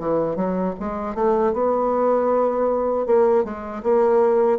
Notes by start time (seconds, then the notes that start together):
0.00 E3
0.36 F#3
0.80 G#3
1.15 A3
1.53 B3
3.07 A#3
3.45 G#3
3.84 A#3